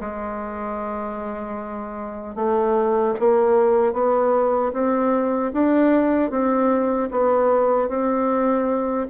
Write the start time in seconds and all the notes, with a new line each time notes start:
0.00 G#3
2.35 A3
3.19 A#3
3.93 B3
4.73 C4
5.53 D4
6.30 C4
7.11 B3
7.88 C4